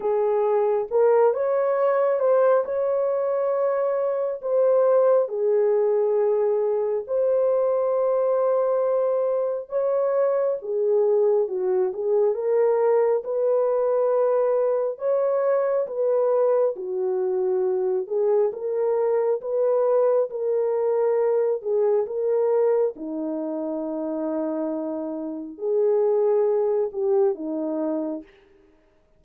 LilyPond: \new Staff \with { instrumentName = "horn" } { \time 4/4 \tempo 4 = 68 gis'4 ais'8 cis''4 c''8 cis''4~ | cis''4 c''4 gis'2 | c''2. cis''4 | gis'4 fis'8 gis'8 ais'4 b'4~ |
b'4 cis''4 b'4 fis'4~ | fis'8 gis'8 ais'4 b'4 ais'4~ | ais'8 gis'8 ais'4 dis'2~ | dis'4 gis'4. g'8 dis'4 | }